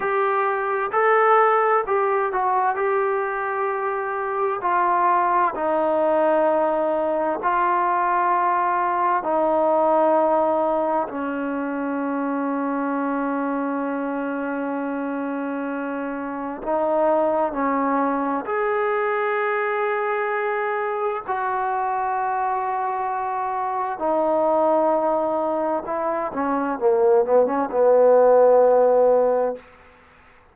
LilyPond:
\new Staff \with { instrumentName = "trombone" } { \time 4/4 \tempo 4 = 65 g'4 a'4 g'8 fis'8 g'4~ | g'4 f'4 dis'2 | f'2 dis'2 | cis'1~ |
cis'2 dis'4 cis'4 | gis'2. fis'4~ | fis'2 dis'2 | e'8 cis'8 ais8 b16 cis'16 b2 | }